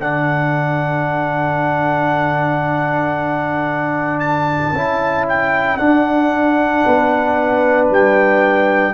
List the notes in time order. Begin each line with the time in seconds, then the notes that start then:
0.00 D3 D4 A4 F#5
4.20 A5
4.72 C#4 E4
5.28 G5
5.77 D4 F#5
6.85 B3 B4
7.90 G3 G5